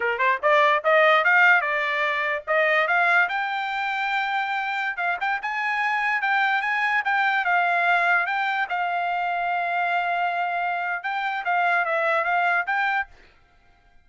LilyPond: \new Staff \with { instrumentName = "trumpet" } { \time 4/4 \tempo 4 = 147 ais'8 c''8 d''4 dis''4 f''4 | d''2 dis''4 f''4 | g''1~ | g''16 f''8 g''8 gis''2 g''8.~ |
g''16 gis''4 g''4 f''4.~ f''16~ | f''16 g''4 f''2~ f''8.~ | f''2. g''4 | f''4 e''4 f''4 g''4 | }